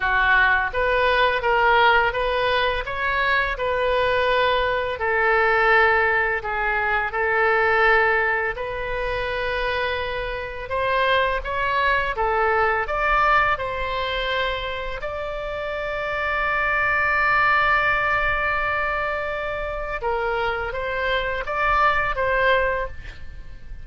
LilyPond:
\new Staff \with { instrumentName = "oboe" } { \time 4/4 \tempo 4 = 84 fis'4 b'4 ais'4 b'4 | cis''4 b'2 a'4~ | a'4 gis'4 a'2 | b'2. c''4 |
cis''4 a'4 d''4 c''4~ | c''4 d''2.~ | d''1 | ais'4 c''4 d''4 c''4 | }